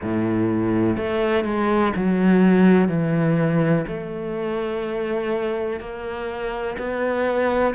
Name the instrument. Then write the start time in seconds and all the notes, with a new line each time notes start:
cello
0.02 A2
0.97 A3
1.44 G#3
1.96 F#3
2.88 E3
3.87 A3
5.80 A#3
6.77 B3